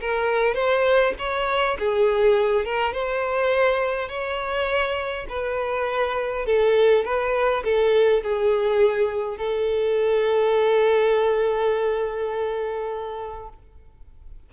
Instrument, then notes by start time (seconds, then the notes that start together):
violin
0.00 A#4
0.54 C5
1.18 C#5
1.79 G#4
2.65 A#4
2.93 C5
4.08 C#5
5.28 B4
6.45 A4
7.04 B4
7.64 A4
8.22 G#4
9.37 A4